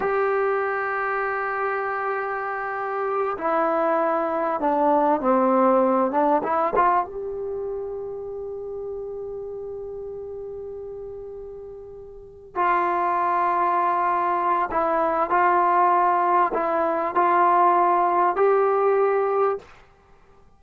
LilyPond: \new Staff \with { instrumentName = "trombone" } { \time 4/4 \tempo 4 = 98 g'1~ | g'4. e'2 d'8~ | d'8 c'4. d'8 e'8 f'8 g'8~ | g'1~ |
g'1~ | g'8 f'2.~ f'8 | e'4 f'2 e'4 | f'2 g'2 | }